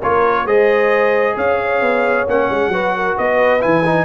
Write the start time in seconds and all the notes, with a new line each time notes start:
0.00 A#3 F4 A#4 C#5
0.45 G#3 G#4 C5 D#5
1.37 C#4 C#5 F5
1.81 B3
2.27 A#3 C#4 F#5
2.50 G#3
2.69 F#3 F#4 B4
2.96 A#4
3.17 B3 B4 D#5
3.60 E3 E4 G#5
3.86 D#4